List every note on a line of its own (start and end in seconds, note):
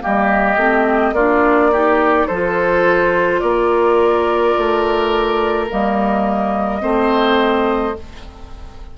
0.00 0.57 G3
0.00 0.57 A#3
0.00 1.14 G4
0.00 1.14 D#5
0.57 1.12 A3
0.57 1.15 C4
1.12 2.25 A#3
1.12 1.73 D4
1.12 1.71 F4
1.12 2.27 D5
1.72 2.29 D#4
1.72 2.27 G4
2.27 3.42 F3
2.27 5.69 F4
2.27 3.41 A4
2.27 3.40 C5
3.40 4.55 A#3
3.40 6.82 A#4
3.40 5.66 D5
4.57 5.70 A3
5.69 6.83 G3
5.69 6.80 A#3
5.69 7.98 D#5
6.80 7.96 A3
6.80 7.94 C4
6.80 7.95 C5